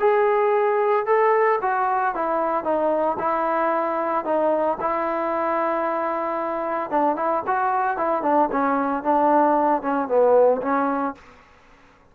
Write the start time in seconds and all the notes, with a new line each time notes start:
0.00 G#4
1.06 A4
1.62 F#4
2.15 E4
2.64 D#4
3.19 E4
4.25 D#4
4.81 E4
6.91 D4
7.16 E4
7.47 F#4
7.97 E4
8.23 D4
8.52 C#4
9.03 D4
9.82 C#4
10.08 B3
10.62 C#4